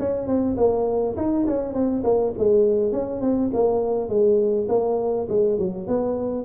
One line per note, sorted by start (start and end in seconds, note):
0.00 0.27 C#4
0.27 0.57 C4
0.57 1.16 A#3
1.17 1.46 D#4
1.47 1.74 C#4
1.74 2.03 C4
2.04 2.34 A#3
2.39 2.93 G#3
2.93 3.21 C#4
3.21 3.51 C4
3.54 4.09 A#3
4.09 4.68 G#3
4.69 5.28 A#3
5.30 5.59 G#3
5.59 5.88 F#3
5.88 6.45 B3